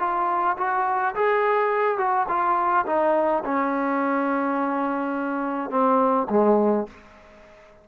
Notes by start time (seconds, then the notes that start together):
0.00 F4
0.58 F#4
1.15 G#4
1.98 F#4
2.29 F4
2.86 D#4
3.45 C#4
5.71 C4
6.30 G#3